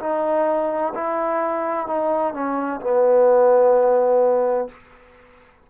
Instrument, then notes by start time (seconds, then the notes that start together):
trombone
0.00 D#4
0.95 E4
1.87 D#4
2.34 C#4
2.81 B3